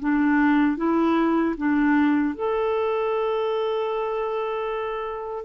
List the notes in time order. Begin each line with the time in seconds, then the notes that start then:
0.00 D4
0.77 E4
1.58 D4
2.35 A4